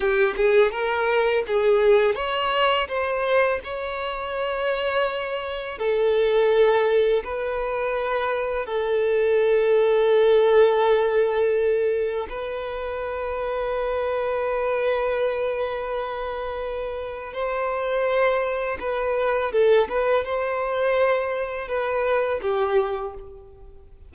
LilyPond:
\new Staff \with { instrumentName = "violin" } { \time 4/4 \tempo 4 = 83 g'8 gis'8 ais'4 gis'4 cis''4 | c''4 cis''2. | a'2 b'2 | a'1~ |
a'4 b'2.~ | b'1 | c''2 b'4 a'8 b'8 | c''2 b'4 g'4 | }